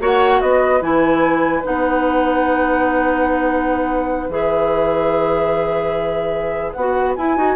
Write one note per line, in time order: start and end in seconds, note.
0.00 0.41 A#3
0.00 0.81 F#4
0.00 0.41 C#5
0.00 0.41 F#5
0.41 0.81 B3
0.41 7.56 B4
0.41 0.82 D#5
0.81 1.63 E3
0.81 1.63 E4
0.81 1.64 G#5
1.63 4.29 B3
1.63 4.29 D#4
1.63 4.30 F#5
4.29 6.74 E3
4.29 6.75 G#4
4.29 6.72 E5
6.72 7.16 B3
6.72 7.13 F#5
6.79 7.17 F#4
7.16 7.37 E4
7.16 7.56 G#5
7.37 7.56 D#4
7.37 7.56 F#4